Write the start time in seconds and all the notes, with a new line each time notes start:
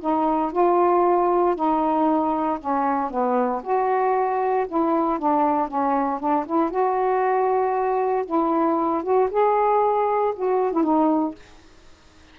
0.00 D#4
0.52 F4
1.55 D#4
2.59 C#4
3.10 B3
3.63 F#4
4.68 E4
5.18 D4
5.68 C#4
6.19 D4
6.46 E4
6.70 F#4
8.25 E4
9.03 F#4
9.30 G#4
10.35 F#4
10.72 E4
10.83 D#4